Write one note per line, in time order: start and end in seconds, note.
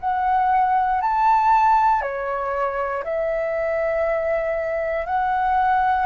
0.00 1.02 F#5
1.02 2.02 A5
2.02 3.04 C#5
3.04 5.06 E5
5.06 6.06 F#5